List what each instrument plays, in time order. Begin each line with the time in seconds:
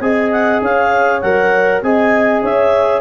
0.00 tuba C4, trombone G#4, horn D#5, clarinet G#5
0.31 clarinet F#5
0.61 tuba C#4, horn C#5, clarinet F5
1.21 tuba F#3, trombone A#4, clarinet F#5
1.82 tuba C4, trombone G#4, horn D#5, clarinet G#5
2.42 tuba C#4, horn C#5, clarinet E5